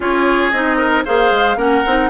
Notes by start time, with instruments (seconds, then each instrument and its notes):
0.00 bassoon C#4, clarinet F4, oboe G#4, flute C#5
0.50 bassoon C4, clarinet D#4, flute D#5
0.77 oboe A#4
1.05 bassoon A#3, clarinet G#4, oboe C5, flute F5
1.30 bassoon G#3
1.56 bassoon A#3, clarinet C#4, oboe A#4, flute F#5
1.86 bassoon C4, clarinet D#4